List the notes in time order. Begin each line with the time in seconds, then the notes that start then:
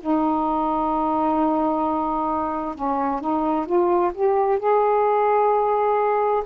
0.00 D#4
2.75 C#4
3.20 D#4
3.65 F4
4.14 G4
4.59 G#4